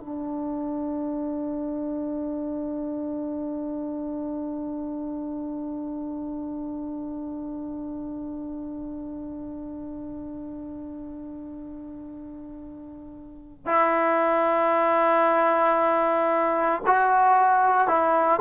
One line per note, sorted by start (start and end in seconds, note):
0.00 13.66 D4
13.66 16.82 E4
16.86 17.88 F#4
17.88 18.40 E4